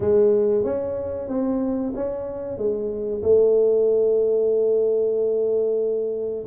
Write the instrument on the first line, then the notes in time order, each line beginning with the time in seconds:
tuba
0.00 G#3
0.64 C#4
1.28 C4
1.95 C#4
2.57 G#3
3.23 A3